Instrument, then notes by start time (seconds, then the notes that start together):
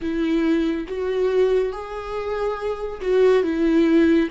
viola
0.01 E4
0.88 F#4
1.72 G#4
3.01 F#4
3.43 E4